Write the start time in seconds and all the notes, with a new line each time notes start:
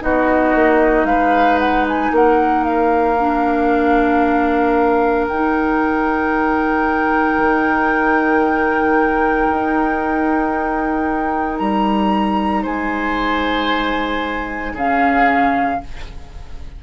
0.00 B3 D#4 F#4 D#5
0.55 A#3
1.05 G#3 B4 F5
1.59 F#5
1.89 G#5
2.12 A#3 A#4 F#5
2.65 F5
3.20 D4
5.28 D#4 G5
7.38 D#3
9.52 D#4
11.59 G3 A#5
12.63 G#3 C5 G#5
14.74 C#3 C#4 G#4 F5